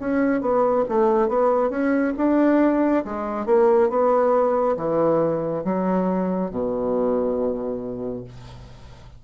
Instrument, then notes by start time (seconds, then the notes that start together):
bassoon
0.00 C#4
0.41 B3
0.89 A3
1.28 B3
1.70 C#4
2.17 D4
3.05 G#3
3.46 A#3
3.89 B3
4.77 E3
5.64 F#3
6.51 B2